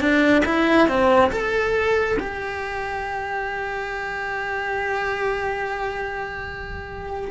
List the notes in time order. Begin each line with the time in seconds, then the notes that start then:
0.00 D4
0.45 E4
0.88 C4
1.32 A4
2.19 G4